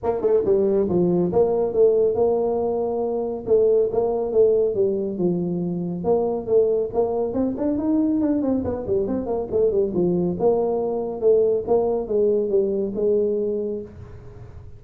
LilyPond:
\new Staff \with { instrumentName = "tuba" } { \time 4/4 \tempo 4 = 139 ais8 a8 g4 f4 ais4 | a4 ais2. | a4 ais4 a4 g4 | f2 ais4 a4 |
ais4 c'8 d'8 dis'4 d'8 c'8 | b8 g8 c'8 ais8 a8 g8 f4 | ais2 a4 ais4 | gis4 g4 gis2 | }